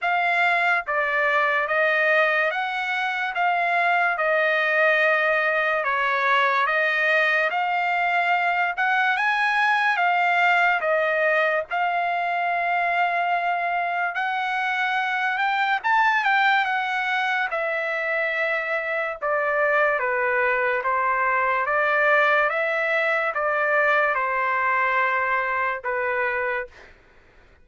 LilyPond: \new Staff \with { instrumentName = "trumpet" } { \time 4/4 \tempo 4 = 72 f''4 d''4 dis''4 fis''4 | f''4 dis''2 cis''4 | dis''4 f''4. fis''8 gis''4 | f''4 dis''4 f''2~ |
f''4 fis''4. g''8 a''8 g''8 | fis''4 e''2 d''4 | b'4 c''4 d''4 e''4 | d''4 c''2 b'4 | }